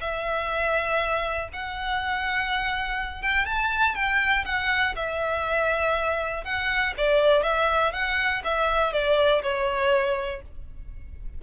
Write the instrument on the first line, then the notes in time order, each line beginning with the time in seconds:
violin
0.00 E5
1.52 F#5
3.22 G5
3.45 A5
3.95 G5
4.45 F#5
4.95 E5
6.44 F#5
6.97 D5
7.42 E5
7.92 F#5
8.44 E5
8.92 D5
9.42 C#5